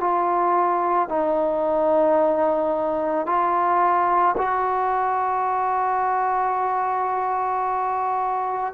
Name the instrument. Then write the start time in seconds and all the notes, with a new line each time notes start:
trombone
0.00 F4
1.08 D#4
3.26 F4
4.37 F#4